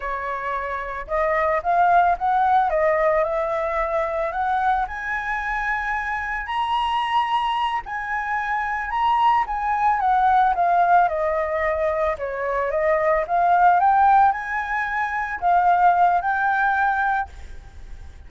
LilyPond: \new Staff \with { instrumentName = "flute" } { \time 4/4 \tempo 4 = 111 cis''2 dis''4 f''4 | fis''4 dis''4 e''2 | fis''4 gis''2. | ais''2~ ais''8 gis''4.~ |
gis''8 ais''4 gis''4 fis''4 f''8~ | f''8 dis''2 cis''4 dis''8~ | dis''8 f''4 g''4 gis''4.~ | gis''8 f''4. g''2 | }